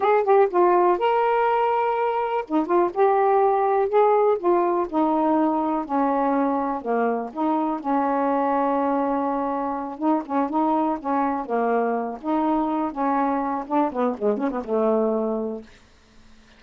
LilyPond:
\new Staff \with { instrumentName = "saxophone" } { \time 4/4 \tempo 4 = 123 gis'8 g'8 f'4 ais'2~ | ais'4 dis'8 f'8 g'2 | gis'4 f'4 dis'2 | cis'2 ais4 dis'4 |
cis'1~ | cis'8 dis'8 cis'8 dis'4 cis'4 ais8~ | ais4 dis'4. cis'4. | d'8 b8 gis8 cis'16 b16 a2 | }